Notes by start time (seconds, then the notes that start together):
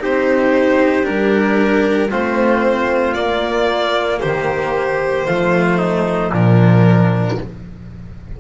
0.00 C4 D#4 G4 C5
1.03 G3 D4 A#4
2.11 A3 C4 F4 C5
3.14 A#3 D5
4.21 D#3 G4 C5
5.25 F3 A3 F4
5.79 D#4
6.32 A#2 F3 D4 A#4